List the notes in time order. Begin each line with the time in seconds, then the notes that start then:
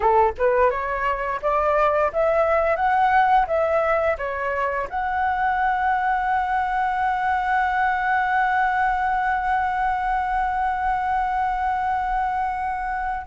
0.00 A4
0.37 B4
0.70 C#5
1.41 D5
2.12 E5
2.76 F#5
3.47 E5
4.18 C#5
4.89 F#5